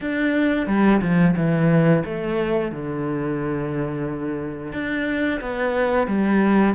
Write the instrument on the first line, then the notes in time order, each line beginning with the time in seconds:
cello
0.00 D4
0.66 G3
1.01 F3
1.36 E3
2.04 A3
2.71 D3
4.73 D4
5.41 B3
6.07 G3